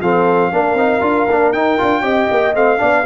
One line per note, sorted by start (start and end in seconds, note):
0.00 0.51 F3
0.00 0.52 C4
0.00 0.52 A4
0.00 1.52 F5
0.52 0.74 A#3
0.52 0.77 D4
0.52 2.03 A#4
0.74 0.99 C4
0.74 1.01 D#4
1.01 1.26 D4
1.01 1.26 F4
1.29 1.52 A#3
1.29 1.54 D4
1.52 1.77 D#4
1.52 1.78 D#4
1.52 2.54 G5
1.78 2.01 D4
1.78 2.02 F4
2.01 2.27 C4
2.01 2.53 G4
2.01 2.79 D#5
2.30 2.54 A#3
2.53 2.79 A3
2.53 2.77 C4
2.53 3.06 F5
2.77 3.06 B3
2.77 3.03 D4
2.77 3.05 D5